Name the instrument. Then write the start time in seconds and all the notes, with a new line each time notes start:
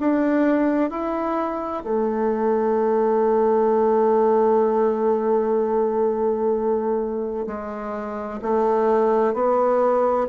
bassoon
0.00 D4
0.90 E4
1.84 A3
7.47 G#3
8.42 A3
9.34 B3